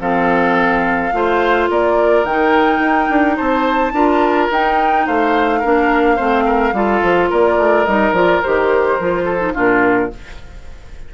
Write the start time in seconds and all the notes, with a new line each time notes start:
0.00 F3 C4 A4 F5
1.13 A3 F4 C5
1.70 A#3 A#4 D5
2.24 D#3 D#4 G5
2.79 D#4
3.10 D4
3.36 C4 C5 A5
3.93 D4 F4 A#4
4.51 D#4 G5
5.07 A3 C5 F5
5.60 A#3 D4 A#4
6.16 A3 C4 C5
6.46 A#4
6.73 G3 F4 A4
7.02 F3
7.30 A#3 A#4 D5
7.58 A3
7.85 G3 D#4 D#5
8.12 F3 F4 D5
8.42 D#3 G4 C5
8.99 F3 F4
9.25 A4
9.40 D#4
9.54 A#2 D4 F4 A#4